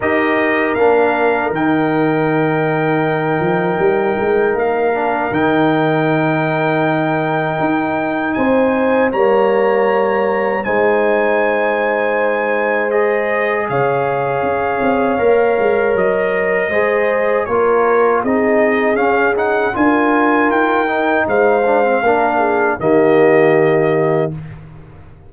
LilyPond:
<<
  \new Staff \with { instrumentName = "trumpet" } { \time 4/4 \tempo 4 = 79 dis''4 f''4 g''2~ | g''2 f''4 g''4~ | g''2. gis''4 | ais''2 gis''2~ |
gis''4 dis''4 f''2~ | f''4 dis''2 cis''4 | dis''4 f''8 fis''8 gis''4 g''4 | f''2 dis''2 | }
  \new Staff \with { instrumentName = "horn" } { \time 4/4 ais'1~ | ais'1~ | ais'2. c''4 | cis''2 c''2~ |
c''2 cis''2~ | cis''2 c''4 ais'4 | gis'2 ais'2 | c''4 ais'8 gis'8 g'2 | }
  \new Staff \with { instrumentName = "trombone" } { \time 4/4 g'4 d'4 dis'2~ | dis'2~ dis'8 d'8 dis'4~ | dis'1 | ais2 dis'2~ |
dis'4 gis'2. | ais'2 gis'4 f'4 | dis'4 cis'8 dis'8 f'4. dis'8~ | dis'8 d'16 c'16 d'4 ais2 | }
  \new Staff \with { instrumentName = "tuba" } { \time 4/4 dis'4 ais4 dis2~ | dis8 f8 g8 gis8 ais4 dis4~ | dis2 dis'4 c'4 | g2 gis2~ |
gis2 cis4 cis'8 c'8 | ais8 gis8 fis4 gis4 ais4 | c'4 cis'4 d'4 dis'4 | gis4 ais4 dis2 | }
>>